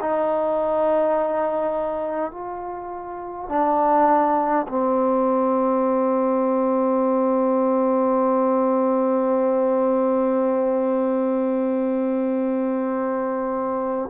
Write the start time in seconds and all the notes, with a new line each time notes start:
0.00 D#4
2.31 F4
3.49 D4
4.68 C4